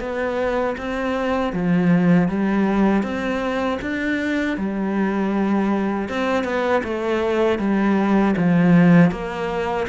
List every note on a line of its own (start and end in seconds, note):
0.00 0.76 B3
0.78 1.53 C4
1.53 2.28 F3
2.28 3.03 G3
3.03 3.79 C4
3.81 4.57 D4
4.57 6.09 G3
6.09 6.44 C4
6.44 6.82 B3
6.84 7.59 A3
7.59 8.35 G3
8.37 9.11 F3
9.11 9.87 A#3